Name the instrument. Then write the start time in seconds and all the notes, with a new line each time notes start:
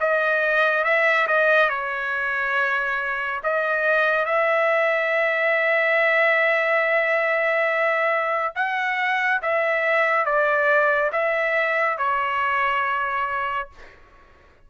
trumpet
0.00 D#5
0.84 E5
1.27 D#5
1.69 C#5
3.44 D#5
4.25 E5
8.55 F#5
9.42 E5
10.25 D5
11.12 E5
11.98 C#5